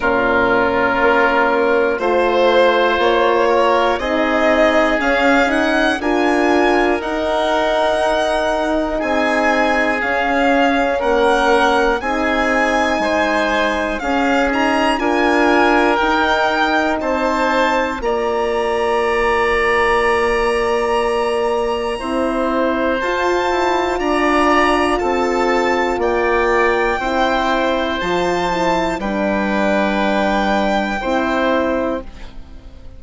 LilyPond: <<
  \new Staff \with { instrumentName = "violin" } { \time 4/4 \tempo 4 = 60 ais'2 c''4 cis''4 | dis''4 f''8 fis''8 gis''4 fis''4~ | fis''4 gis''4 f''4 fis''4 | gis''2 f''8 ais''8 gis''4 |
g''4 a''4 ais''2~ | ais''2. a''4 | ais''4 a''4 g''2 | a''4 g''2. | }
  \new Staff \with { instrumentName = "oboe" } { \time 4/4 f'2 c''4. ais'8 | gis'2 ais'2~ | ais'4 gis'2 ais'4 | gis'4 c''4 gis'4 ais'4~ |
ais'4 c''4 d''2~ | d''2 c''2 | d''4 a'4 d''4 c''4~ | c''4 b'2 c''4 | }
  \new Staff \with { instrumentName = "horn" } { \time 4/4 cis'2 f'2 | dis'4 cis'8 dis'8 f'4 dis'4~ | dis'2 cis'2 | dis'2 cis'8 dis'8 f'4 |
dis'2 f'2~ | f'2 e'4 f'4~ | f'2. e'4 | f'8 e'8 d'2 e'4 | }
  \new Staff \with { instrumentName = "bassoon" } { \time 4/4 ais,4 ais4 a4 ais4 | c'4 cis'4 d'4 dis'4~ | dis'4 c'4 cis'4 ais4 | c'4 gis4 cis'4 d'4 |
dis'4 c'4 ais2~ | ais2 c'4 f'8 e'8 | d'4 c'4 ais4 c'4 | f4 g2 c'4 | }
>>